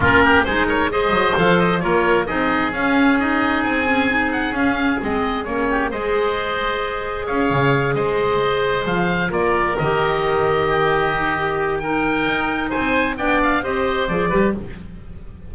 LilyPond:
<<
  \new Staff \with { instrumentName = "oboe" } { \time 4/4 \tempo 4 = 132 ais'4 c''8 cis''8 dis''4 f''8 dis''8 | cis''4 dis''4 f''4 dis''4 | gis''4. fis''8 f''4 dis''4 | cis''4 dis''2. |
f''4. dis''2 f''8~ | f''8 d''4 dis''2~ dis''8~ | dis''2 g''2 | gis''4 g''8 f''8 dis''4 d''4 | }
  \new Staff \with { instrumentName = "oboe" } { \time 4/4 f'8 g'8 gis'8 ais'8 c''2 | ais'4 gis'2.~ | gis'1~ | gis'8 g'8 c''2. |
cis''4. c''2~ c''8~ | c''8 ais'2. g'8~ | g'2 ais'2 | c''4 d''4 c''4. b'8 | }
  \new Staff \with { instrumentName = "clarinet" } { \time 4/4 cis'4 dis'4 gis'4 a'4 | f'4 dis'4 cis'4 dis'4~ | dis'8 cis'8 dis'4 cis'4 c'4 | cis'4 gis'2.~ |
gis'1~ | gis'8 f'4 g'2~ g'8~ | g'8 dis'8 g'4 dis'2~ | dis'4 d'4 g'4 gis'8 g'8 | }
  \new Staff \with { instrumentName = "double bass" } { \time 4/4 ais4 gis4. fis8 f4 | ais4 c'4 cis'2 | c'2 cis'4 gis4 | ais4 gis2. |
cis'8 cis4 gis2 f8~ | f8 ais4 dis2~ dis8~ | dis2. dis'4 | c'4 b4 c'4 f8 g8 | }
>>